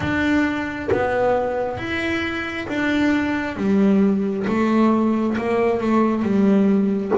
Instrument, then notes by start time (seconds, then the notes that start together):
double bass
0.00 D4
0.91 B3
1.77 E4
2.68 D4
3.56 G3
4.47 A3
5.37 A#3
5.80 A3
6.22 G3